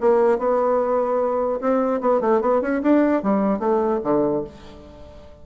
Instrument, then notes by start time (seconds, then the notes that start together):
bassoon
0.00 A#3
0.38 B3
1.61 C4
2.00 B3
2.21 A3
2.41 B3
2.61 C#4
2.82 D4
3.22 G3
3.59 A3
4.03 D3